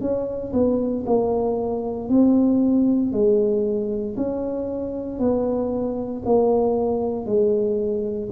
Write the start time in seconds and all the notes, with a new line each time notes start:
0.00 C#4
0.53 B3
1.06 A#3
2.09 C4
3.12 G#3
4.17 C#4
5.19 B3
6.25 A#3
7.26 G#3